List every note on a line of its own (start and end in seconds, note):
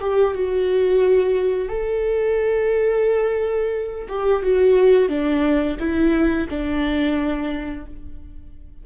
0.00 0.34 G4
0.34 1.69 F#4
1.69 4.07 A4
4.08 4.43 G4
4.43 5.09 F#4
5.09 5.77 D4
5.80 6.48 E4
6.49 7.86 D4